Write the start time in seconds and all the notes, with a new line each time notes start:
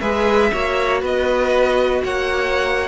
0.00 G#3 G#4 B4 E5
0.52 A#3 F#4 C#5
1.01 B3 B4 D#5
2.03 A#3 C#5 F#5